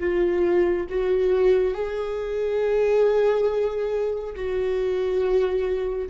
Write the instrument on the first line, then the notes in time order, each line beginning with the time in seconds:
viola
0.00 F4
0.90 F#4
1.74 G#4
4.36 F#4